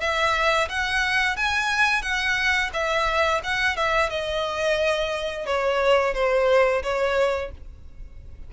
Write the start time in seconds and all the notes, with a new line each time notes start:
0.00 E5
0.69 F#5
1.36 G#5
2.02 F#5
2.73 E5
3.43 F#5
3.76 E5
4.09 D#5
5.46 C#5
6.14 C5
6.83 C#5